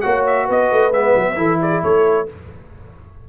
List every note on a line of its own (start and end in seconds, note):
0.00 0.49 A#3
0.00 0.92 F#4
0.00 0.45 C#5
0.00 0.23 F#5
0.26 0.48 E5
0.45 0.71 B3
0.45 1.35 B4
0.45 0.92 D#5
0.71 0.91 A3
0.91 1.14 G#3
0.91 1.35 B3
0.91 1.60 E5
1.15 1.36 F#3
1.35 1.81 E3
1.35 2.26 E4
1.35 1.59 A4
1.61 1.82 G#4
1.61 1.83 D5
1.82 2.28 A3
1.82 2.27 A4
1.82 2.28 C#5